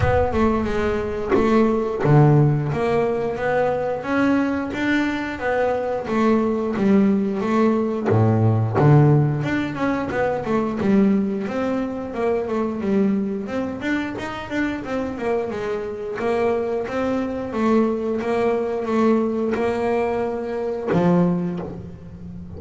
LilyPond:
\new Staff \with { instrumentName = "double bass" } { \time 4/4 \tempo 4 = 89 b8 a8 gis4 a4 d4 | ais4 b4 cis'4 d'4 | b4 a4 g4 a4 | a,4 d4 d'8 cis'8 b8 a8 |
g4 c'4 ais8 a8 g4 | c'8 d'8 dis'8 d'8 c'8 ais8 gis4 | ais4 c'4 a4 ais4 | a4 ais2 f4 | }